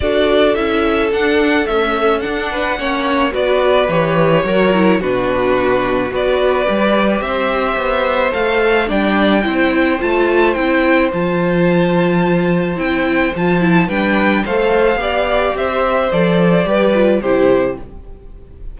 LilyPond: <<
  \new Staff \with { instrumentName = "violin" } { \time 4/4 \tempo 4 = 108 d''4 e''4 fis''4 e''4 | fis''2 d''4 cis''4~ | cis''4 b'2 d''4~ | d''4 e''2 f''4 |
g''2 a''4 g''4 | a''2. g''4 | a''4 g''4 f''2 | e''4 d''2 c''4 | }
  \new Staff \with { instrumentName = "violin" } { \time 4/4 a'1~ | a'8 b'8 cis''4 b'2 | ais'4 fis'2 b'4~ | b'4 c''2. |
d''4 c''2.~ | c''1~ | c''4 b'4 c''4 d''4 | c''2 b'4 g'4 | }
  \new Staff \with { instrumentName = "viola" } { \time 4/4 fis'4 e'4 d'4 a4 | d'4 cis'4 fis'4 g'4 | fis'8 e'8 d'2 fis'4 | g'2. a'4 |
d'4 e'4 f'4 e'4 | f'2. e'4 | f'8 e'8 d'4 a'4 g'4~ | g'4 a'4 g'8 f'8 e'4 | }
  \new Staff \with { instrumentName = "cello" } { \time 4/4 d'4 cis'4 d'4 cis'4 | d'4 ais4 b4 e4 | fis4 b,2 b4 | g4 c'4 b4 a4 |
g4 c'4 a4 c'4 | f2. c'4 | f4 g4 a4 b4 | c'4 f4 g4 c4 | }
>>